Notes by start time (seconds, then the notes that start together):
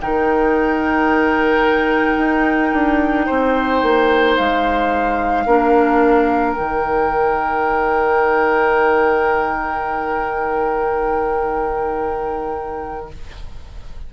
0.00 D#3 D#4 A#4 G5
2.17 D#4
2.72 D4
3.25 C4 C5
3.82 A#3
4.36 G#3 F5
5.46 A#3 D4 A#4
6.52 D#4 G5
6.58 D#3